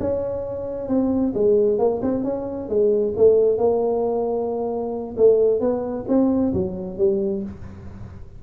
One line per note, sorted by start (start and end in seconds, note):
0.00 0.88 C#4
0.88 1.33 C4
1.35 1.79 G#3
1.79 2.01 A#3
2.02 2.24 C4
2.24 2.69 C#4
2.69 3.14 G#3
3.17 3.58 A3
3.58 5.16 A#3
5.17 5.60 A3
5.60 6.05 B3
6.08 6.53 C4
6.54 6.98 F#3
6.98 7.43 G3